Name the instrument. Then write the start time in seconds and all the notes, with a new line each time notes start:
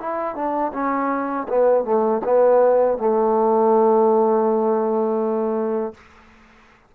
trombone
0.00 E4
0.36 D4
0.73 C#4
1.49 B3
1.85 A3
2.25 B3
2.98 A3